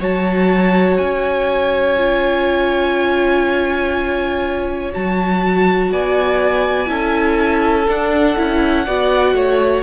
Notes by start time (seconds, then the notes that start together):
0.00 F#3 F#4 C#5 A5
0.98 C#4 G#5
1.97 F4
4.92 F#3 F#4 A5
5.92 B3 D5 G#5
6.86 C#4 E4 A4
7.88 D4 F#5
8.36 C#4 E4
8.85 B3 F#4 D5
9.33 A3 C#5